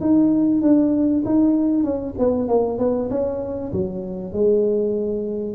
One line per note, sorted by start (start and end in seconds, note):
0.00 0.61 D#4
0.61 1.23 D4
1.25 1.83 D#4
1.83 2.14 C#4
2.18 2.48 B3
2.48 2.78 A#3
2.78 3.09 B3
3.10 3.71 C#4
3.72 4.32 F#3
4.32 5.54 G#3